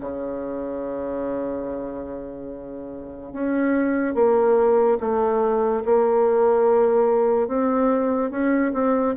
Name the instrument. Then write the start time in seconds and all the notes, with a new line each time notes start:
bassoon
0.00 C#3
3.32 C#4
4.14 A#3
5.00 A3
5.84 A#3
7.47 C4
8.30 C#4
8.73 C4